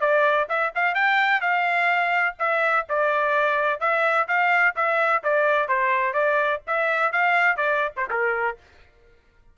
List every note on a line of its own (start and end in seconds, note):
0.00 0.47 D5
0.49 0.73 E5
0.75 0.95 F5
0.95 1.41 G5
1.41 2.35 F5
2.39 2.86 E5
2.89 3.80 D5
3.80 4.27 E5
4.28 4.75 F5
4.76 5.23 E5
5.23 5.68 D5
5.68 6.13 C5
6.13 6.61 D5
6.67 7.12 E5
7.12 7.57 F5
7.57 7.92 D5
7.97 8.09 C5
8.10 8.57 A#4